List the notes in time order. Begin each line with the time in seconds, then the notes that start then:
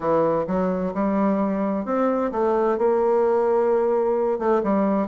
0.00 E3
0.47 F#3
0.93 G3
1.85 C4
2.31 A3
2.78 A#3
4.38 A3
4.63 G3